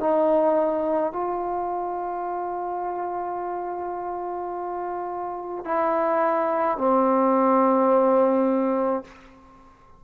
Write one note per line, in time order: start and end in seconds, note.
0.00 1.13 D#4
1.13 5.64 F4
5.64 6.78 E4
6.78 9.04 C4